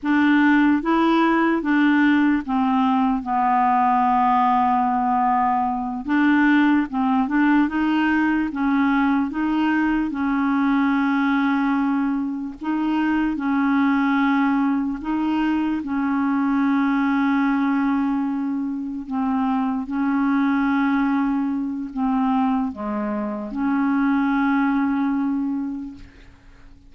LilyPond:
\new Staff \with { instrumentName = "clarinet" } { \time 4/4 \tempo 4 = 74 d'4 e'4 d'4 c'4 | b2.~ b8 d'8~ | d'8 c'8 d'8 dis'4 cis'4 dis'8~ | dis'8 cis'2. dis'8~ |
dis'8 cis'2 dis'4 cis'8~ | cis'2.~ cis'8 c'8~ | c'8 cis'2~ cis'8 c'4 | gis4 cis'2. | }